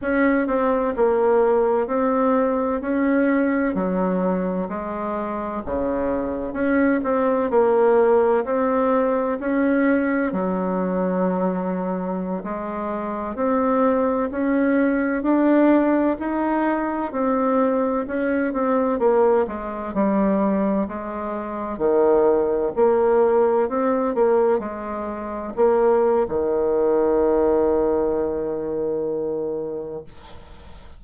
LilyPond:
\new Staff \with { instrumentName = "bassoon" } { \time 4/4 \tempo 4 = 64 cis'8 c'8 ais4 c'4 cis'4 | fis4 gis4 cis4 cis'8 c'8 | ais4 c'4 cis'4 fis4~ | fis4~ fis16 gis4 c'4 cis'8.~ |
cis'16 d'4 dis'4 c'4 cis'8 c'16~ | c'16 ais8 gis8 g4 gis4 dis8.~ | dis16 ais4 c'8 ais8 gis4 ais8. | dis1 | }